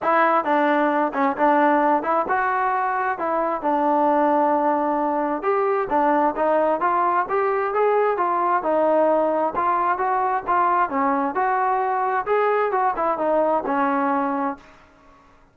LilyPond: \new Staff \with { instrumentName = "trombone" } { \time 4/4 \tempo 4 = 132 e'4 d'4. cis'8 d'4~ | d'8 e'8 fis'2 e'4 | d'1 | g'4 d'4 dis'4 f'4 |
g'4 gis'4 f'4 dis'4~ | dis'4 f'4 fis'4 f'4 | cis'4 fis'2 gis'4 | fis'8 e'8 dis'4 cis'2 | }